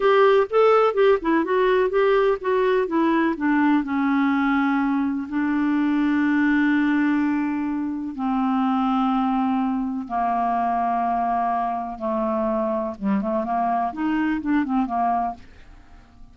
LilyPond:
\new Staff \with { instrumentName = "clarinet" } { \time 4/4 \tempo 4 = 125 g'4 a'4 g'8 e'8 fis'4 | g'4 fis'4 e'4 d'4 | cis'2. d'4~ | d'1~ |
d'4 c'2.~ | c'4 ais2.~ | ais4 a2 g8 a8 | ais4 dis'4 d'8 c'8 ais4 | }